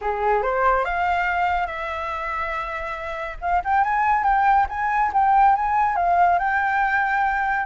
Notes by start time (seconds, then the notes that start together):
0.01 G#4
0.42 C5
0.85 F5
1.66 E5
3.41 F5
3.64 G5
3.84 G#5
4.23 G5
4.69 G#5
5.13 G5
5.55 G#5
5.96 F5
6.38 G5